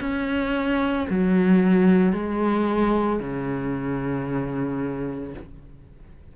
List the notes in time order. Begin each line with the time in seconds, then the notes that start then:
0.00 C#4
1.10 F#3
2.13 G#3
3.20 C#3